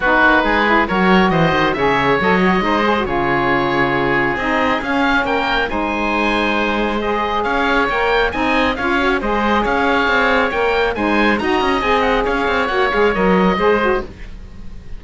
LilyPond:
<<
  \new Staff \with { instrumentName = "oboe" } { \time 4/4 \tempo 4 = 137 b'2 cis''4 dis''4 | e''4 dis''2 cis''4~ | cis''2 dis''4 f''4 | g''4 gis''2. |
dis''4 f''4 g''4 gis''4 | f''4 dis''4 f''2 | g''4 gis''4 ais''4 gis''8 fis''8 | f''4 fis''8 f''8 dis''2 | }
  \new Staff \with { instrumentName = "oboe" } { \time 4/4 fis'4 gis'4 ais'4 c''4 | cis''2 c''4 gis'4~ | gis'1 | ais'4 c''2.~ |
c''4 cis''2 dis''4 | cis''4 c''4 cis''2~ | cis''4 c''4 dis''2 | cis''2. c''4 | }
  \new Staff \with { instrumentName = "saxophone" } { \time 4/4 dis'4. e'8 fis'2 | gis'4 a'8 fis'8 dis'8 gis'16 fis'16 f'4~ | f'2 dis'4 cis'4~ | cis'4 dis'2. |
gis'2 ais'4 dis'4 | f'8 fis'8 gis'2. | ais'4 dis'4 fis'4 gis'4~ | gis'4 fis'8 gis'8 ais'4 gis'8 fis'8 | }
  \new Staff \with { instrumentName = "cello" } { \time 4/4 b8 ais8 gis4 fis4 e8 dis8 | cis4 fis4 gis4 cis4~ | cis2 c'4 cis'4 | ais4 gis2.~ |
gis4 cis'4 ais4 c'4 | cis'4 gis4 cis'4 c'4 | ais4 gis4 dis'8 cis'8 c'4 | cis'8 c'8 ais8 gis8 fis4 gis4 | }
>>